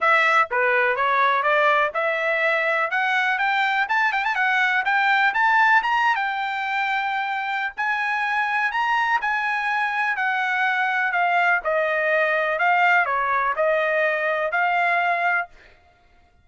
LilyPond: \new Staff \with { instrumentName = "trumpet" } { \time 4/4 \tempo 4 = 124 e''4 b'4 cis''4 d''4 | e''2 fis''4 g''4 | a''8 g''16 a''16 fis''4 g''4 a''4 | ais''8. g''2.~ g''16 |
gis''2 ais''4 gis''4~ | gis''4 fis''2 f''4 | dis''2 f''4 cis''4 | dis''2 f''2 | }